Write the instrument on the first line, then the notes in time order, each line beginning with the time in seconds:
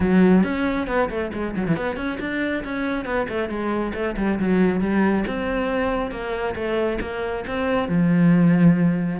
cello
0.00 F#3
0.43 C#4
0.87 B3
1.09 A3
1.33 G#3
1.56 F#3
1.67 E3
1.76 B3
1.96 C#4
2.19 D4
2.64 C#4
3.05 B3
3.28 A3
3.49 G#3
3.93 A3
4.16 G3
4.39 F#3
4.81 G3
5.27 C4
6.11 A#3
6.55 A3
7.01 A#3
7.47 C4
7.88 F3